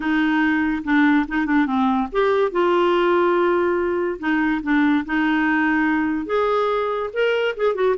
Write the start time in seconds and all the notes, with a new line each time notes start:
0.00 D#4
0.84 D4
1.28 D#4
1.46 D4
1.66 C4
2.12 G4
2.51 F4
4.19 D#4
4.62 D4
5.05 D#4
6.26 G#4
7.13 A#4
7.56 G#4
7.74 F#4